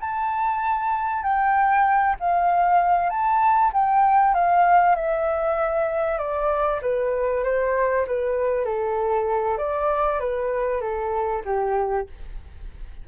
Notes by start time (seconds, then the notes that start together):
0.00 A5
1.23 G5
2.20 F5
3.10 A5
3.73 G5
4.34 F5
4.95 E5
6.18 D5
6.82 B4
7.43 C5
8.07 B4
8.65 A4
9.58 D5
10.19 B4
10.81 A4
11.45 G4